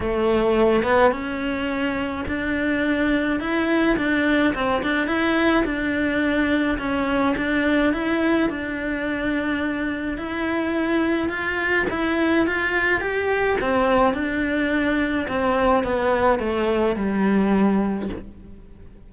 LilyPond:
\new Staff \with { instrumentName = "cello" } { \time 4/4 \tempo 4 = 106 a4. b8 cis'2 | d'2 e'4 d'4 | c'8 d'8 e'4 d'2 | cis'4 d'4 e'4 d'4~ |
d'2 e'2 | f'4 e'4 f'4 g'4 | c'4 d'2 c'4 | b4 a4 g2 | }